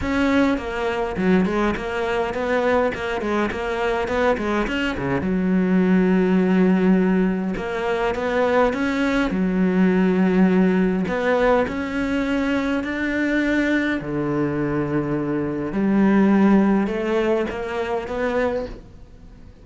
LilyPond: \new Staff \with { instrumentName = "cello" } { \time 4/4 \tempo 4 = 103 cis'4 ais4 fis8 gis8 ais4 | b4 ais8 gis8 ais4 b8 gis8 | cis'8 cis8 fis2.~ | fis4 ais4 b4 cis'4 |
fis2. b4 | cis'2 d'2 | d2. g4~ | g4 a4 ais4 b4 | }